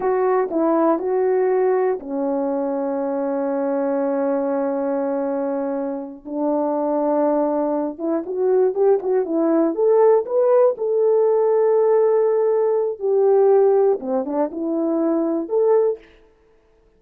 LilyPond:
\new Staff \with { instrumentName = "horn" } { \time 4/4 \tempo 4 = 120 fis'4 e'4 fis'2 | cis'1~ | cis'1~ | cis'8 d'2.~ d'8 |
e'8 fis'4 g'8 fis'8 e'4 a'8~ | a'8 b'4 a'2~ a'8~ | a'2 g'2 | c'8 d'8 e'2 a'4 | }